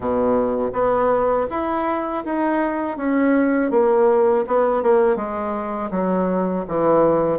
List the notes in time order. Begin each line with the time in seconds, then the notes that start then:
0.00 B2
0.72 B3
1.49 E4
2.25 D#4
2.97 C#4
3.70 A#3
4.47 B3
4.82 A#3
5.15 G#3
5.91 F#3
6.67 E3